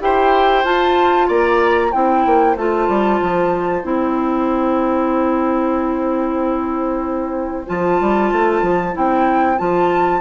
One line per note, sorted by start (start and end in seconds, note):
0.00 0.64 E4
0.00 0.64 G4
0.00 1.27 C5
0.00 0.64 G5
0.64 1.91 F4
0.64 1.28 F4
0.64 1.28 A5
1.27 1.92 A#3
1.27 1.91 D5
1.27 1.92 A#5
1.91 2.26 C4
1.91 2.56 E4
1.91 10.20 C5
1.91 2.56 G5
2.26 2.56 A#3
2.56 2.87 A3
2.56 3.82 F4
2.56 3.85 A5
2.88 3.20 G3
3.21 3.83 F3
3.82 7.66 C4
3.82 7.65 E4
3.82 7.68 G5
7.66 8.00 F3
7.66 8.92 F4
7.66 8.95 A5
8.00 8.32 G3
8.32 8.62 A3
8.62 8.93 F3
8.92 9.60 C4
8.92 9.56 E4
8.92 9.58 G5
9.57 10.20 F3
9.57 10.20 F4
9.57 10.20 A5